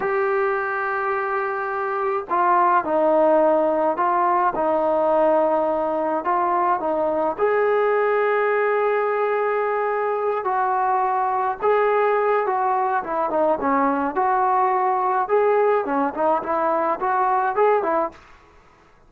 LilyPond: \new Staff \with { instrumentName = "trombone" } { \time 4/4 \tempo 4 = 106 g'1 | f'4 dis'2 f'4 | dis'2. f'4 | dis'4 gis'2.~ |
gis'2~ gis'8 fis'4.~ | fis'8 gis'4. fis'4 e'8 dis'8 | cis'4 fis'2 gis'4 | cis'8 dis'8 e'4 fis'4 gis'8 e'8 | }